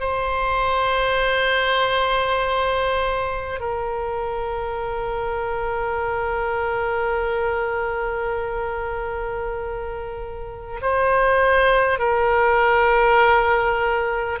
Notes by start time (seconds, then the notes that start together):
0.00 C5
3.59 A#4
10.81 C5
11.98 A#4